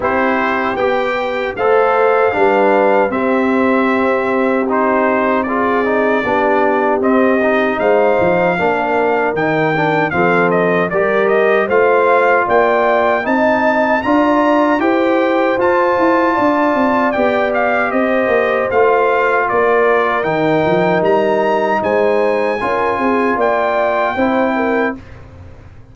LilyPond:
<<
  \new Staff \with { instrumentName = "trumpet" } { \time 4/4 \tempo 4 = 77 c''4 g''4 f''2 | e''2 c''4 d''4~ | d''4 dis''4 f''2 | g''4 f''8 dis''8 d''8 dis''8 f''4 |
g''4 a''4 ais''4 g''4 | a''2 g''8 f''8 dis''4 | f''4 d''4 g''4 ais''4 | gis''2 g''2 | }
  \new Staff \with { instrumentName = "horn" } { \time 4/4 g'2 c''4 b'4 | g'2. gis'4 | g'2 c''4 ais'4~ | ais'4 a'4 ais'4 c''4 |
d''4 dis''4 d''4 c''4~ | c''4 d''2 c''4~ | c''4 ais'2. | c''4 ais'8 gis'8 d''4 c''8 ais'8 | }
  \new Staff \with { instrumentName = "trombone" } { \time 4/4 e'4 g'4 a'4 d'4 | c'2 dis'4 f'8 dis'8 | d'4 c'8 dis'4. d'4 | dis'8 d'8 c'4 g'4 f'4~ |
f'4 dis'4 f'4 g'4 | f'2 g'2 | f'2 dis'2~ | dis'4 f'2 e'4 | }
  \new Staff \with { instrumentName = "tuba" } { \time 4/4 c'4 b4 a4 g4 | c'1 | b4 c'4 gis8 f8 ais4 | dis4 f4 g4 a4 |
ais4 c'4 d'4 e'4 | f'8 e'8 d'8 c'8 b4 c'8 ais8 | a4 ais4 dis8 f8 g4 | gis4 cis'8 c'8 ais4 c'4 | }
>>